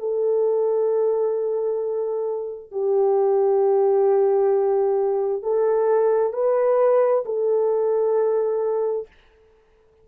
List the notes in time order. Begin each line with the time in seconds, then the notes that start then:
0.00 A4
2.72 G4
5.43 A4
6.33 B4
7.26 A4